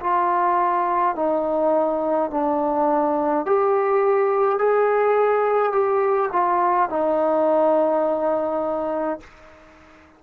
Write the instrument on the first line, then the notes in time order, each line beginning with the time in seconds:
trombone
0.00 F4
1.15 D#4
2.30 D4
3.46 G4
4.58 G#4
5.72 G4
6.32 F4
6.89 D#4